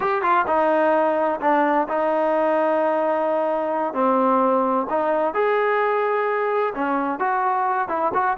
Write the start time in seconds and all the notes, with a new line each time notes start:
0.00 G4
0.21 F4
0.47 D#4
1.41 D4
1.88 D#4
3.93 C4
4.89 D#4
5.34 G#4
6.74 C#4
7.19 F#4
7.88 E4
8.14 F#4